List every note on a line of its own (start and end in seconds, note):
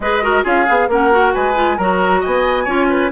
0.00 0.43 G#3
0.00 0.22 G#4
0.00 0.23 B4
0.00 0.45 D#5
0.22 0.43 F#4
0.22 0.43 A#4
0.43 0.67 C#4
0.43 0.65 F4
0.43 0.87 G#4
0.43 0.90 F5
0.67 0.88 B3
0.67 0.89 G#4
0.88 1.32 A#3
0.88 1.11 C#4
0.88 1.34 A#4
0.88 1.33 F#5
1.11 1.54 F#4
1.33 1.78 G#3
1.33 1.77 B4
1.33 1.78 G#5
1.54 1.77 F4
1.77 2.22 F#3
1.77 2.66 F#4
1.77 2.20 A#4
1.77 2.22 A#5
2.20 2.66 B3
2.20 2.64 D#5
2.20 3.11 G#5
2.64 3.11 C#4
2.64 3.11 F4
2.64 2.86 C#5
2.89 3.11 B4